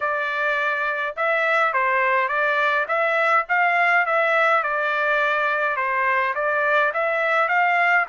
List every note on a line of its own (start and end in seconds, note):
0.00 1.15 D5
1.16 1.73 E5
1.73 2.28 C5
2.28 2.86 D5
2.87 3.45 E5
3.48 4.05 F5
4.05 4.63 E5
4.63 5.76 D5
5.76 6.34 C5
6.34 6.92 D5
6.93 7.48 E5
7.48 8.06 F5